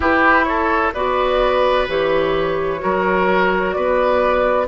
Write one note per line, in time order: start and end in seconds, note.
0.00 0.93 E4
0.00 0.45 G4
0.00 0.44 B4
0.44 0.93 A4
0.44 0.91 C#5
0.93 1.87 B3
0.93 1.88 F#4
0.93 2.81 B4
0.93 1.87 D5
1.88 2.82 E3
1.88 2.78 G4
1.88 3.71 C#5
2.78 3.76 F#3
2.78 4.66 F#4
2.78 3.75 A#4
3.71 4.67 B3
3.71 4.67 B4
3.71 4.65 D5